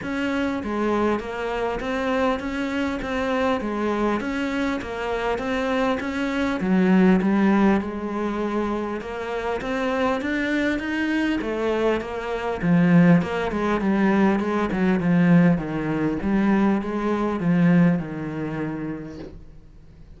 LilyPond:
\new Staff \with { instrumentName = "cello" } { \time 4/4 \tempo 4 = 100 cis'4 gis4 ais4 c'4 | cis'4 c'4 gis4 cis'4 | ais4 c'4 cis'4 fis4 | g4 gis2 ais4 |
c'4 d'4 dis'4 a4 | ais4 f4 ais8 gis8 g4 | gis8 fis8 f4 dis4 g4 | gis4 f4 dis2 | }